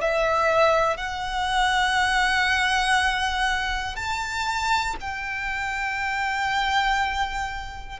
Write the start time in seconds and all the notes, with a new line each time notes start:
0.00 E5
0.96 F#5
3.95 A5
5.00 G5